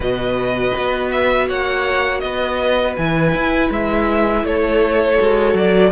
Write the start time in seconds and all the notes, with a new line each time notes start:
0.00 B2 F#4 B4 D#5
0.77 B3
1.10 E5
1.47 A#3 C#5 F#5
2.19 B3 B4 D#5
2.96 E3 E4 G#5
3.34 E4
3.70 G#3 E5
4.43 A3 A4 C#5
5.19 G#3 F#4
5.54 F#3 D5